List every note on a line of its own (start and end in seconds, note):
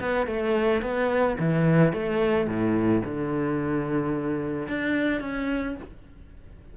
0.00 0.27 B3
0.27 0.82 A3
0.82 1.37 B3
1.39 1.93 E3
1.93 2.48 A3
2.48 3.03 A2
3.05 4.68 D3
4.68 5.21 D4
5.21 5.76 C#4